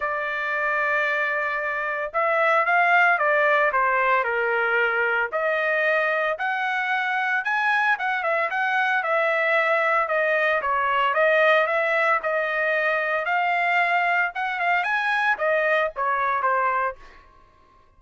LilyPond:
\new Staff \with { instrumentName = "trumpet" } { \time 4/4 \tempo 4 = 113 d''1 | e''4 f''4 d''4 c''4 | ais'2 dis''2 | fis''2 gis''4 fis''8 e''8 |
fis''4 e''2 dis''4 | cis''4 dis''4 e''4 dis''4~ | dis''4 f''2 fis''8 f''8 | gis''4 dis''4 cis''4 c''4 | }